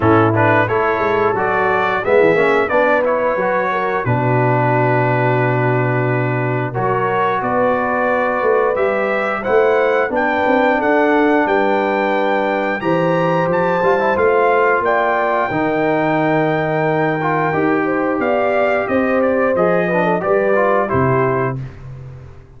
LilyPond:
<<
  \new Staff \with { instrumentName = "trumpet" } { \time 4/4 \tempo 4 = 89 a'8 b'8 cis''4 d''4 e''4 | d''8 cis''4. b'2~ | b'2 cis''4 d''4~ | d''4 e''4 fis''4 g''4 |
fis''4 g''2 ais''4 | a''4 f''4 g''2~ | g''2. f''4 | dis''8 d''8 dis''4 d''4 c''4 | }
  \new Staff \with { instrumentName = "horn" } { \time 4/4 e'4 a'2 gis'4 | b'4. ais'8 fis'2~ | fis'2 ais'4 b'4~ | b'2 c''4 b'4 |
a'4 b'2 c''4~ | c''2 d''4 ais'4~ | ais'2~ ais'8 c''8 d''4 | c''4. b'16 a'16 b'4 g'4 | }
  \new Staff \with { instrumentName = "trombone" } { \time 4/4 cis'8 d'8 e'4 fis'4 b8 cis'8 | d'8 e'8 fis'4 d'2~ | d'2 fis'2~ | fis'4 g'4 e'4 d'4~ |
d'2. g'4~ | g'8 f'16 e'16 f'2 dis'4~ | dis'4. f'8 g'2~ | g'4 gis'8 d'8 g'8 f'8 e'4 | }
  \new Staff \with { instrumentName = "tuba" } { \time 4/4 a,4 a8 gis8 fis4 gis16 e16 ais8 | b4 fis4 b,2~ | b,2 fis4 b4~ | b8 a8 g4 a4 b8 c'8 |
d'4 g2 e4 | f8 g8 a4 ais4 dis4~ | dis2 dis'4 b4 | c'4 f4 g4 c4 | }
>>